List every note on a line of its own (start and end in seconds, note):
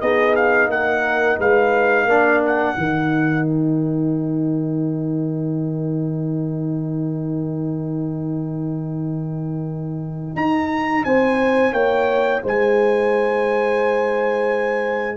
0.00 0.68 B3
0.00 2.08 D#4
0.00 0.71 G#4
0.00 0.34 D#5
0.35 0.70 F5
0.68 1.37 A#3
0.68 1.39 A#4
0.68 1.39 F#5
1.39 2.05 G#3
1.39 2.08 B4
1.39 2.44 F5
2.05 2.74 A#3
2.05 2.76 D4
2.05 11.05 A#4
2.46 3.47 F#5
2.76 10.35 D#3
2.76 15.16 D#4
3.47 10.36 G5
10.35 11.04 D#4
10.35 11.04 A#5
11.04 11.72 C4
11.04 11.72 C5
11.04 11.73 G#5
11.72 12.41 A#3
11.72 12.41 C#5
11.72 12.42 G5
12.42 15.16 G#3
12.42 15.16 C5
12.42 15.16 G#5